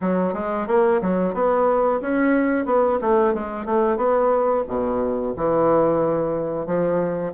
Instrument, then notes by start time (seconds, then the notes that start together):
bassoon
0.01 F#3
0.33 G#3
0.67 A#3
1.01 F#3
1.34 B3
2.01 C#4
2.65 B3
3.01 A3
3.34 G#3
3.65 A3
3.97 B3
4.67 B2
5.36 E3
6.66 F3